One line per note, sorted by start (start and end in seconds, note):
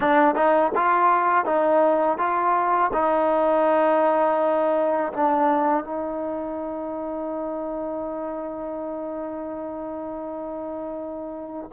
0.00 0.35 D4
0.35 0.72 D#4
0.75 1.45 F4
1.45 2.18 D#4
2.18 2.91 F4
2.93 5.12 D#4
5.13 5.84 D4
5.84 11.69 D#4